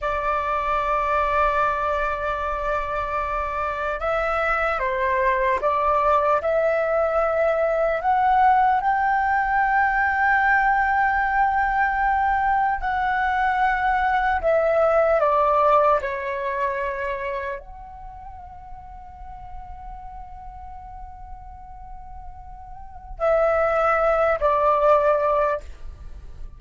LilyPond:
\new Staff \with { instrumentName = "flute" } { \time 4/4 \tempo 4 = 75 d''1~ | d''4 e''4 c''4 d''4 | e''2 fis''4 g''4~ | g''1 |
fis''2 e''4 d''4 | cis''2 fis''2~ | fis''1~ | fis''4 e''4. d''4. | }